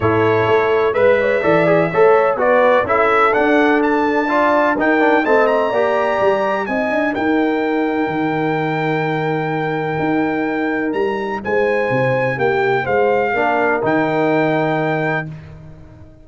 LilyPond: <<
  \new Staff \with { instrumentName = "trumpet" } { \time 4/4 \tempo 4 = 126 cis''2 e''2~ | e''4 d''4 e''4 fis''4 | a''2 g''4 a''8 ais''8~ | ais''2 gis''4 g''4~ |
g''1~ | g''2. ais''4 | gis''2 g''4 f''4~ | f''4 g''2. | }
  \new Staff \with { instrumentName = "horn" } { \time 4/4 a'2 b'8 cis''8 d''4 | cis''4 b'4 a'2~ | a'4 d''4 ais'4 dis''4 | d''2 dis''4 ais'4~ |
ais'1~ | ais'1 | c''2 g'4 c''4 | ais'1 | }
  \new Staff \with { instrumentName = "trombone" } { \time 4/4 e'2 b'4 a'8 gis'8 | a'4 fis'4 e'4 d'4~ | d'4 f'4 dis'8 d'8 c'4 | g'2 dis'2~ |
dis'1~ | dis'1~ | dis'1 | d'4 dis'2. | }
  \new Staff \with { instrumentName = "tuba" } { \time 4/4 a,4 a4 gis4 e4 | a4 b4 cis'4 d'4~ | d'2 dis'4 a4 | ais4 g4 c'8 d'8 dis'4~ |
dis'4 dis2.~ | dis4 dis'2 g4 | gis4 c4 ais4 gis4 | ais4 dis2. | }
>>